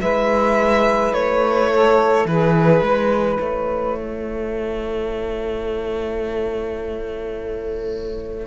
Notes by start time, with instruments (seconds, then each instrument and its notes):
0.00 cello G#3, viola E4, saxophone B4, violin E5
1.13 cello A3, violin C#5
1.71 saxophone A4
2.25 cello E3, saxophone G#4, violin B4
2.82 cello G#3, saxophone B4
3.40 cello A3, violin C#5
3.98 saxophone A4